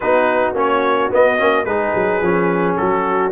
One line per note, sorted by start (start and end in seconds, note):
0.00 0.54 B3
0.00 0.55 D#4
0.00 1.67 F#4
0.00 0.54 B4
0.54 1.10 A#3
0.54 1.10 C#4
0.54 1.13 C#5
1.10 1.37 B3
1.10 1.40 B3
1.10 1.65 D#5
1.37 1.65 A#3
1.37 1.65 C#4
1.65 1.92 G#3
1.65 2.22 D#4
1.65 2.78 G#4
1.65 2.76 B4
1.95 2.21 F#3
2.21 2.77 F3
2.21 3.31 C#4
2.76 3.31 F#3
2.76 3.31 F#4
2.76 3.31 A4